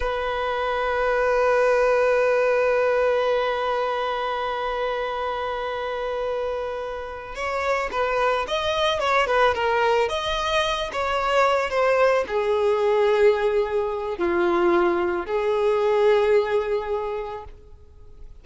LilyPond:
\new Staff \with { instrumentName = "violin" } { \time 4/4 \tempo 4 = 110 b'1~ | b'1~ | b'1~ | b'4. cis''4 b'4 dis''8~ |
dis''8 cis''8 b'8 ais'4 dis''4. | cis''4. c''4 gis'4.~ | gis'2 f'2 | gis'1 | }